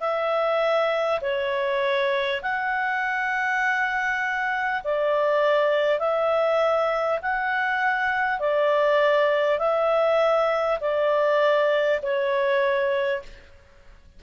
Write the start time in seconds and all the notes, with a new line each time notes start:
0.00 E5
1.21 C#5
2.42 F#5
4.83 D5
5.99 E5
7.22 F#5
8.39 D5
9.58 E5
10.80 D5
12.02 C#5